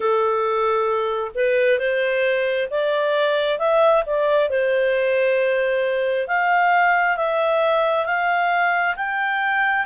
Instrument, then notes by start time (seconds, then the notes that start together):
clarinet
0.00 A4
1.34 B4
1.79 C5
2.70 D5
3.58 E5
4.06 D5
4.49 C5
6.27 F5
7.16 E5
8.05 F5
8.96 G5